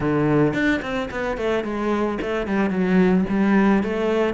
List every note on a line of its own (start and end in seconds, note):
0.00 0.53 D3
0.53 0.81 D4
0.82 1.09 C4
1.10 1.37 B3
1.37 1.64 A3
1.64 2.18 G#3
2.21 2.47 A3
2.47 2.70 G3
2.70 3.24 F#3
3.29 3.83 G3
3.83 4.33 A3